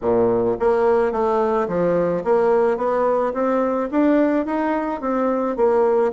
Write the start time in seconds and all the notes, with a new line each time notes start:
0.01 A#2
0.59 A#3
1.11 A3
1.68 F3
2.23 A#3
2.77 B3
3.33 C4
3.91 D4
4.45 D#4
5.01 C4
5.56 A#3